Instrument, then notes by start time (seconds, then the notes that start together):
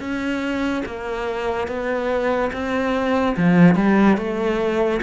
cello
0.00 C#4
0.86 A#3
1.68 B3
2.53 C4
3.37 F3
3.75 G3
4.17 A3